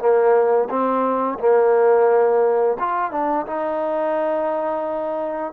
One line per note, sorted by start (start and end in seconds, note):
0.00 0.69 A#3
0.70 1.39 C4
1.39 2.77 A#3
2.80 3.12 F4
3.12 3.46 D4
3.47 5.53 D#4